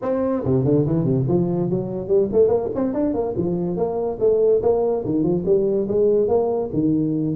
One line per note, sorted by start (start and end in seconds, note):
0.02 0.43 C4
0.44 0.64 C3
0.64 0.85 D3
0.86 1.04 E3
1.04 1.25 C3
1.28 1.70 F3
1.70 2.07 F#3
2.07 2.28 G3
2.32 2.48 A3
2.48 2.69 A#3
2.74 2.93 C4
2.93 3.14 D4
3.14 3.35 A#3
3.36 3.76 F3
3.76 4.18 A#3
4.19 4.61 A3
4.62 5.04 A#3
5.05 5.23 D#3
5.23 5.44 F3
5.45 5.87 G3
5.88 6.27 G#3
6.27 6.69 A#3
6.73 7.36 D#3